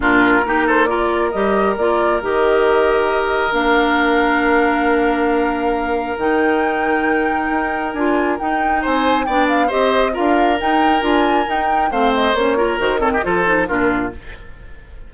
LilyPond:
<<
  \new Staff \with { instrumentName = "flute" } { \time 4/4 \tempo 4 = 136 ais'4. c''8 d''4 dis''4 | d''4 dis''2. | f''1~ | f''2 g''2~ |
g''2 gis''4 g''4 | gis''4 g''8 f''8 dis''4 f''4 | g''4 gis''4 g''4 f''8 dis''8 | cis''4 c''8 cis''16 dis''16 c''4 ais'4 | }
  \new Staff \with { instrumentName = "oboe" } { \time 4/4 f'4 g'8 a'8 ais'2~ | ais'1~ | ais'1~ | ais'1~ |
ais'1 | c''4 d''4 c''4 ais'4~ | ais'2. c''4~ | c''8 ais'4 a'16 g'16 a'4 f'4 | }
  \new Staff \with { instrumentName = "clarinet" } { \time 4/4 d'4 dis'4 f'4 g'4 | f'4 g'2. | d'1~ | d'2 dis'2~ |
dis'2 f'4 dis'4~ | dis'4 d'4 g'4 f'4 | dis'4 f'4 dis'4 c'4 | cis'8 f'8 fis'8 c'8 f'8 dis'8 d'4 | }
  \new Staff \with { instrumentName = "bassoon" } { \time 4/4 ais,4 ais2 g4 | ais4 dis2. | ais1~ | ais2 dis2~ |
dis4 dis'4 d'4 dis'4 | c'4 b4 c'4 d'4 | dis'4 d'4 dis'4 a4 | ais4 dis4 f4 ais,4 | }
>>